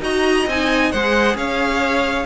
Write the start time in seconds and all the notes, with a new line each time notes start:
0.00 D#4 F#4 D#5 A#5
0.46 C4 D#4 G#5
0.91 G#3 G#4 C5 F#5
1.35 C#4 C#5 F5